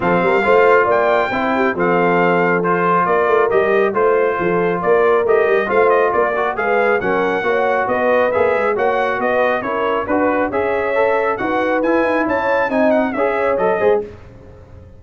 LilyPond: <<
  \new Staff \with { instrumentName = "trumpet" } { \time 4/4 \tempo 4 = 137 f''2 g''2 | f''2 c''4 d''4 | dis''4 c''2 d''4 | dis''4 f''8 dis''8 d''4 f''4 |
fis''2 dis''4 e''4 | fis''4 dis''4 cis''4 b'4 | e''2 fis''4 gis''4 | a''4 gis''8 fis''8 e''4 dis''4 | }
  \new Staff \with { instrumentName = "horn" } { \time 4/4 a'8 ais'8 c''4 d''4 c''8 g'8 | a'2. ais'4~ | ais'4 c''4 a'4 ais'4~ | ais'4 c''4 ais'4 b'4 |
ais'4 cis''4 b'2 | cis''4 b'4 ais'4 b'4 | cis''2 b'2 | cis''4 dis''4 cis''4. c''8 | }
  \new Staff \with { instrumentName = "trombone" } { \time 4/4 c'4 f'2 e'4 | c'2 f'2 | g'4 f'2. | g'4 f'4. fis'8 gis'4 |
cis'4 fis'2 gis'4 | fis'2 e'4 fis'4 | gis'4 a'4 fis'4 e'4~ | e'4 dis'4 gis'4 a'8 gis'8 | }
  \new Staff \with { instrumentName = "tuba" } { \time 4/4 f8 g8 a4 ais4 c'4 | f2. ais8 a8 | g4 a4 f4 ais4 | a8 g8 a4 ais4 gis4 |
fis4 ais4 b4 ais8 gis8 | ais4 b4 cis'4 d'4 | cis'2 dis'4 e'8 dis'8 | cis'4 c'4 cis'4 fis8 gis8 | }
>>